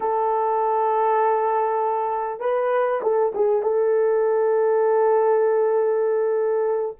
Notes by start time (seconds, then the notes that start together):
0.00 A4
2.40 B4
3.02 A4
3.34 G#4
3.62 A4